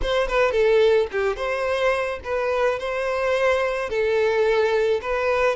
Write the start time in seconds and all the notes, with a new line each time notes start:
0.02 C5
0.27 B4
0.51 A4
1.11 G4
1.36 C5
2.24 B4
2.79 C5
3.89 A4
5.01 B4